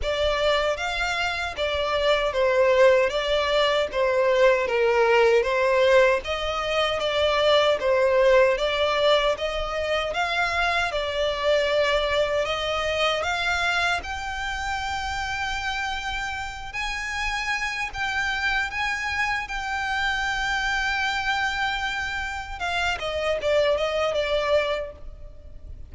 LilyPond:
\new Staff \with { instrumentName = "violin" } { \time 4/4 \tempo 4 = 77 d''4 f''4 d''4 c''4 | d''4 c''4 ais'4 c''4 | dis''4 d''4 c''4 d''4 | dis''4 f''4 d''2 |
dis''4 f''4 g''2~ | g''4. gis''4. g''4 | gis''4 g''2.~ | g''4 f''8 dis''8 d''8 dis''8 d''4 | }